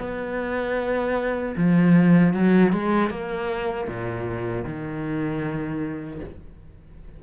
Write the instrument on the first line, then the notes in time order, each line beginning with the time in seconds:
cello
0.00 B3
1.57 F3
2.34 F#3
2.73 G#3
3.11 A#3
3.88 A#2
4.65 D#3